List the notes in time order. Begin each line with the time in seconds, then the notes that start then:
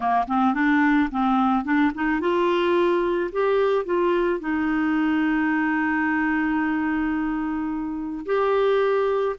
0.00 A#3
0.27 C4
0.54 D4
1.11 C4
1.64 D4
1.94 D#4
2.20 F4
3.32 G4
3.85 F4
4.39 D#4
8.25 G4